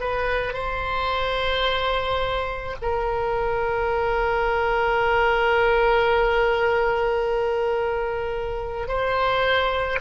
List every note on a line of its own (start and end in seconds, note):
0.00 0.54 B4
0.54 2.76 C5
2.82 8.88 A#4
8.88 9.99 C5